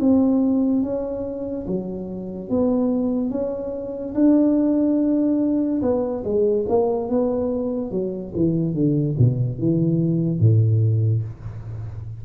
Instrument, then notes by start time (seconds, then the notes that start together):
tuba
0.00 C4
0.83 C#4
1.67 F#3
2.50 B3
3.30 C#4
4.15 D4
5.82 B3
6.24 G#3
6.69 A#3
7.09 B3
7.91 F#3
8.34 E3
8.74 D3
9.18 B2
9.59 E3
10.39 A2